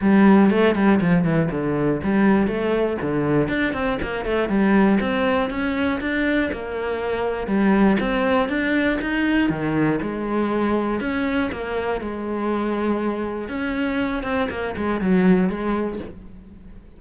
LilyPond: \new Staff \with { instrumentName = "cello" } { \time 4/4 \tempo 4 = 120 g4 a8 g8 f8 e8 d4 | g4 a4 d4 d'8 c'8 | ais8 a8 g4 c'4 cis'4 | d'4 ais2 g4 |
c'4 d'4 dis'4 dis4 | gis2 cis'4 ais4 | gis2. cis'4~ | cis'8 c'8 ais8 gis8 fis4 gis4 | }